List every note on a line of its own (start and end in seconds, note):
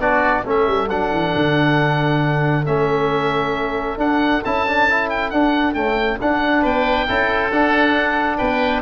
0.00 0.44 B3
0.00 0.44 D4
0.00 0.45 F#4
0.00 0.45 D5
0.45 0.68 A3
0.45 0.89 C#4
0.45 6.62 A4
0.45 0.90 E5
0.68 0.90 G3
0.90 1.12 F#3
0.90 2.66 D4
0.90 2.66 F#5
1.12 1.34 E3
1.36 2.68 D3
2.66 3.98 A3
2.66 3.98 C#4
2.66 3.99 E5
3.98 4.42 D4
3.98 4.43 D4
3.98 4.44 F#5
4.45 5.33 C#4
4.45 4.68 E4
4.45 5.10 A5
4.68 4.90 D4
4.90 5.33 E4
5.10 5.31 G5
5.31 5.75 D4
5.31 5.76 D4
5.31 5.74 F#5
5.74 6.19 A3
5.74 6.20 C#4
5.74 6.19 G5
6.22 6.65 D4
6.22 7.08 D4
6.22 6.66 F#5
6.62 7.09 B3
6.62 7.06 B4
6.62 7.52 G5
7.08 7.52 C#4
7.08 7.52 E4
7.08 8.38 A4
7.52 8.40 D4
7.52 8.83 D4
7.52 8.38 F#5
8.38 8.83 B3
8.38 8.83 B4
8.38 8.82 G5